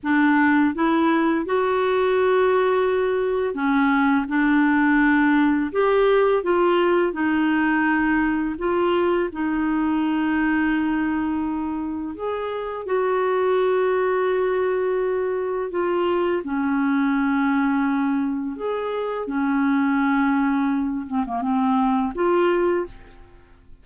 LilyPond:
\new Staff \with { instrumentName = "clarinet" } { \time 4/4 \tempo 4 = 84 d'4 e'4 fis'2~ | fis'4 cis'4 d'2 | g'4 f'4 dis'2 | f'4 dis'2.~ |
dis'4 gis'4 fis'2~ | fis'2 f'4 cis'4~ | cis'2 gis'4 cis'4~ | cis'4. c'16 ais16 c'4 f'4 | }